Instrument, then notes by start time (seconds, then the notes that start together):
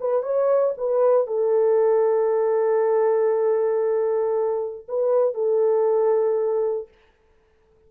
horn
0.00 B4
0.22 C#5
0.77 B4
1.27 A4
4.88 B4
5.34 A4